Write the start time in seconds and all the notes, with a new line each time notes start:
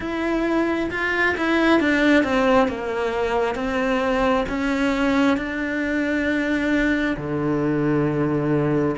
0.00 E4
0.90 F4
1.37 E4
1.80 D4
2.23 C4
2.67 A#3
3.55 C4
4.49 C#4
5.37 D4
7.16 D3